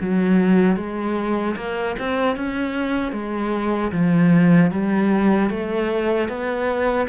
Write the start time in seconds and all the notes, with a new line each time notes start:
0.00 F#3
0.76 G#3
1.56 A#3
1.98 C4
2.36 C#4
3.12 G#3
3.92 F3
4.70 G3
5.49 A3
6.28 B3